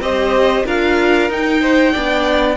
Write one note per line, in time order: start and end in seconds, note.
0.00 0.64 C4
0.00 0.66 G4
0.00 0.66 C5
0.00 0.66 D#5
0.66 1.30 D4
0.66 1.30 F4
0.66 1.61 A#4
0.66 1.31 F5
1.30 1.94 D#4
1.30 2.57 G5
1.61 1.92 C5
1.92 2.57 B3
1.92 2.57 D4
1.92 2.56 D5